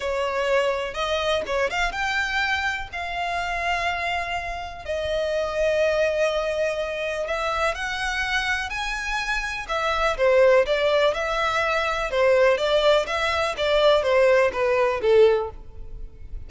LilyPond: \new Staff \with { instrumentName = "violin" } { \time 4/4 \tempo 4 = 124 cis''2 dis''4 cis''8 f''8 | g''2 f''2~ | f''2 dis''2~ | dis''2. e''4 |
fis''2 gis''2 | e''4 c''4 d''4 e''4~ | e''4 c''4 d''4 e''4 | d''4 c''4 b'4 a'4 | }